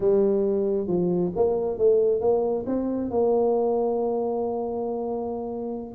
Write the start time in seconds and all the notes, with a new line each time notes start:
0.00 G3
0.87 F3
1.35 A#3
1.78 A3
2.21 A#3
2.66 C4
3.10 A#3